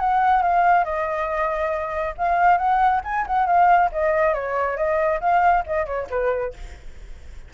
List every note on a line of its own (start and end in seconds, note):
0.00 0.43 F#5
0.43 0.85 F5
0.85 2.15 D#5
2.18 2.58 F5
2.58 3.01 F#5
3.05 3.26 G#5
3.27 3.47 F#5
3.47 3.91 F5
3.92 4.34 D#5
4.34 4.77 C#5
4.77 5.21 D#5
5.21 5.64 F5
5.67 5.86 D#5
5.86 6.08 C#5
6.10 6.54 B4